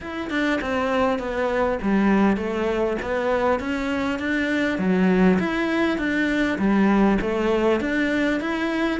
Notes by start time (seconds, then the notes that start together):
0.00 E4
0.30 D4
0.61 C4
1.18 B3
1.81 G3
2.36 A3
3.02 B3
3.59 C#4
4.19 D4
4.78 F#3
5.39 E4
5.98 D4
6.58 G3
7.21 A3
7.80 D4
8.40 E4